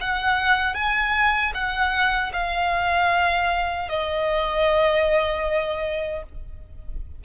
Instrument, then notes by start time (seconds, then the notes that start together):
violin
0.00 F#5
0.74 G#5
1.54 F#5
2.33 F5
3.89 D#5